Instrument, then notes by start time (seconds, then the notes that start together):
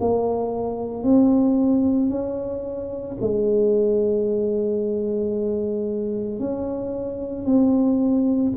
tuba
0.00 A#3
1.03 C4
2.10 C#4
3.21 G#3
6.39 C#4
7.45 C4